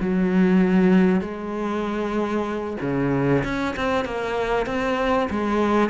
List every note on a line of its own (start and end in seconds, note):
0.00 1.21 F#3
1.21 2.77 G#3
2.81 3.43 C#3
3.44 3.75 C#4
3.76 4.05 C4
4.05 4.66 A#3
4.66 5.29 C4
5.30 5.89 G#3